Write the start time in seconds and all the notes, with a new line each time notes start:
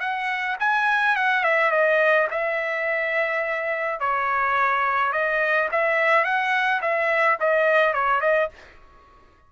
0.00 F#5
0.60 G#5
1.16 F#5
1.44 E5
1.71 D#5
2.31 E5
4.00 C#5
5.12 D#5
5.72 E5
6.24 F#5
6.82 E5
7.40 D#5
7.94 C#5
8.21 D#5